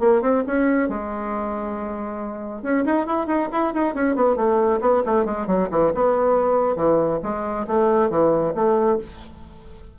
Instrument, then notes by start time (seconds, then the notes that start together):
bassoon
0.00 A#3
0.22 C4
0.47 C#4
0.89 G#3
2.63 C#4
2.86 D#4
3.07 E4
3.27 D#4
3.52 E4
3.74 D#4
3.95 C#4
4.16 B3
4.37 A3
4.81 B3
5.06 A3
5.26 G#3
5.47 F#3
5.71 E3
5.95 B3
6.76 E3
7.23 G#3
7.68 A3
8.11 E3
8.55 A3